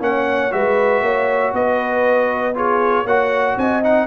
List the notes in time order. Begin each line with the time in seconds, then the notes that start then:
0.00 A#3 C#4 C#5 F#5
0.51 G#3 F#4 B4 E5
1.02 A#3 C#5
1.54 B3 B4 D#5
2.54 F4 G#4 C#5
3.05 A#3 F#4 C#5 F#5
3.57 C4 D#5 G#5
3.83 D#4 F#5